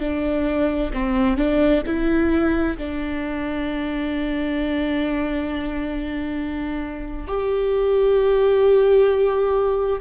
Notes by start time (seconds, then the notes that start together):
0.00 D4
0.93 C4
1.37 D4
1.86 E4
2.78 D4
7.28 G4